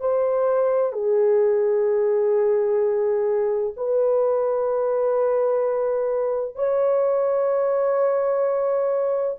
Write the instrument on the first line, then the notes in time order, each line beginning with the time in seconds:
horn
0.00 C5
0.92 G#4
3.76 B4
6.55 C#5